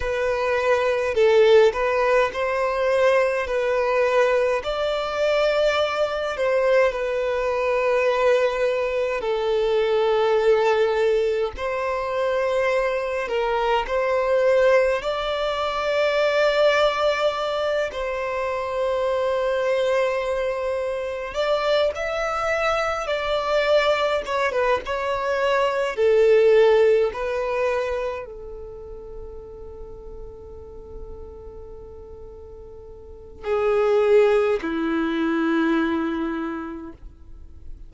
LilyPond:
\new Staff \with { instrumentName = "violin" } { \time 4/4 \tempo 4 = 52 b'4 a'8 b'8 c''4 b'4 | d''4. c''8 b'2 | a'2 c''4. ais'8 | c''4 d''2~ d''8 c''8~ |
c''2~ c''8 d''8 e''4 | d''4 cis''16 b'16 cis''4 a'4 b'8~ | b'8 a'2.~ a'8~ | a'4 gis'4 e'2 | }